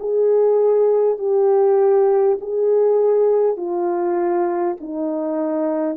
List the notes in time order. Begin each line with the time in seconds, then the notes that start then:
0.00 G#4
1.19 G4
2.42 G#4
3.57 F4
4.81 D#4